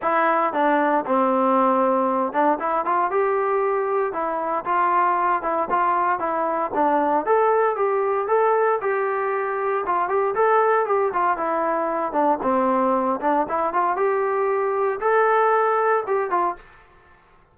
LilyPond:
\new Staff \with { instrumentName = "trombone" } { \time 4/4 \tempo 4 = 116 e'4 d'4 c'2~ | c'8 d'8 e'8 f'8 g'2 | e'4 f'4. e'8 f'4 | e'4 d'4 a'4 g'4 |
a'4 g'2 f'8 g'8 | a'4 g'8 f'8 e'4. d'8 | c'4. d'8 e'8 f'8 g'4~ | g'4 a'2 g'8 f'8 | }